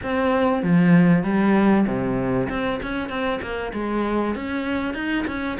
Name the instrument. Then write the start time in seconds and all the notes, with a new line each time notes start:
cello
0.03 C4
0.62 F3
1.23 G3
1.86 C3
2.49 C4
2.82 C#4
3.09 C4
3.41 A#3
3.73 G#3
4.35 C#4
4.93 D#4
5.27 C#4